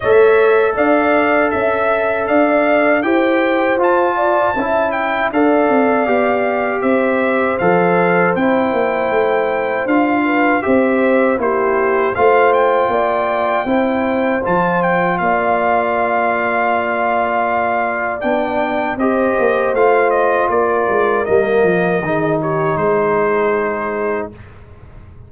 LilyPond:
<<
  \new Staff \with { instrumentName = "trumpet" } { \time 4/4 \tempo 4 = 79 e''4 f''4 e''4 f''4 | g''4 a''4. g''8 f''4~ | f''4 e''4 f''4 g''4~ | g''4 f''4 e''4 c''4 |
f''8 g''2~ g''8 a''8 g''8 | f''1 | g''4 dis''4 f''8 dis''8 d''4 | dis''4. cis''8 c''2 | }
  \new Staff \with { instrumentName = "horn" } { \time 4/4 cis''4 d''4 e''4 d''4 | c''4. d''8 e''4 d''4~ | d''4 c''2.~ | c''4. b'8 c''4 g'4 |
c''4 d''4 c''2 | d''1~ | d''4 c''2 ais'4~ | ais'4 gis'8 g'8 gis'2 | }
  \new Staff \with { instrumentName = "trombone" } { \time 4/4 a'1 | g'4 f'4 e'4 a'4 | g'2 a'4 e'4~ | e'4 f'4 g'4 e'4 |
f'2 e'4 f'4~ | f'1 | d'4 g'4 f'2 | ais4 dis'2. | }
  \new Staff \with { instrumentName = "tuba" } { \time 4/4 a4 d'4 cis'4 d'4 | e'4 f'4 cis'4 d'8 c'8 | b4 c'4 f4 c'8 ais8 | a4 d'4 c'4 ais4 |
a4 ais4 c'4 f4 | ais1 | b4 c'8 ais8 a4 ais8 gis8 | g8 f8 dis4 gis2 | }
>>